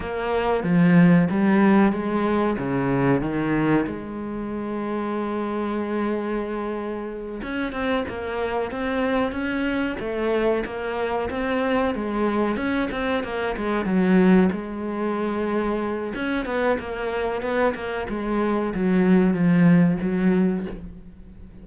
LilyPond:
\new Staff \with { instrumentName = "cello" } { \time 4/4 \tempo 4 = 93 ais4 f4 g4 gis4 | cis4 dis4 gis2~ | gis2.~ gis8 cis'8 | c'8 ais4 c'4 cis'4 a8~ |
a8 ais4 c'4 gis4 cis'8 | c'8 ais8 gis8 fis4 gis4.~ | gis4 cis'8 b8 ais4 b8 ais8 | gis4 fis4 f4 fis4 | }